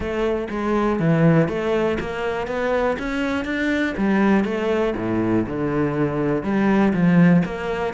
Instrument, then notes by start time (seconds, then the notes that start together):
cello
0.00 A3
0.50 G#3
0.99 E3
1.48 A3
2.00 A#3
2.47 B3
2.98 C#4
3.44 D4
3.97 G3
4.44 A3
4.96 A2
5.46 D3
6.43 G3
6.93 F3
7.45 A#3